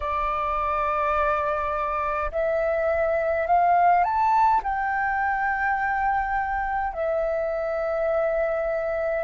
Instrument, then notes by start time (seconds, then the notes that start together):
flute
0.00 D5
2.31 E5
3.46 F5
4.04 A5
4.63 G5
6.93 E5